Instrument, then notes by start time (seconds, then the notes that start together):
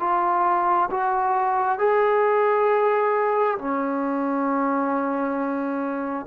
trombone
0.00 F4
0.91 F#4
1.79 G#4
3.59 C#4